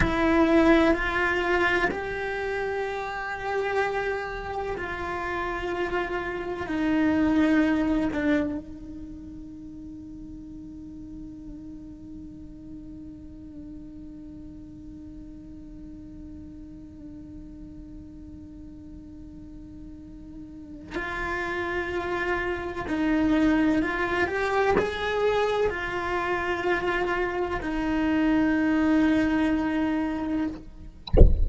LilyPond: \new Staff \with { instrumentName = "cello" } { \time 4/4 \tempo 4 = 63 e'4 f'4 g'2~ | g'4 f'2 dis'4~ | dis'8 d'8 dis'2.~ | dis'1~ |
dis'1~ | dis'2 f'2 | dis'4 f'8 g'8 gis'4 f'4~ | f'4 dis'2. | }